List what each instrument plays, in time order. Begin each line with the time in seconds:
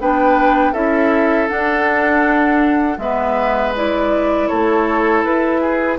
0.00 bassoon B3, clarinet D4, oboe B4, flute G5
0.72 bassoon C#4, clarinet E4, oboe A4, flute E5
1.48 clarinet D4, bassoon D4, flute F#5
2.98 bassoon G#3, clarinet B3, oboe B4, flute E5
3.75 clarinet E4, flute D5
4.48 bassoon A3, oboe A4, flute C#5
5.24 bassoon E4, flute B4
5.61 oboe G#4